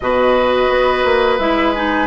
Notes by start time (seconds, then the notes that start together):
0.00 B2 F#4 B4 D#5
0.69 B3
1.04 A#3
1.38 G#3 E4 E5
1.74 D#4 G#5